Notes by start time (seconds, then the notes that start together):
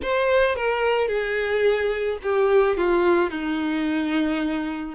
0.02 C5
0.55 A#4
1.08 G#4
2.22 G4
2.77 F4
3.30 D#4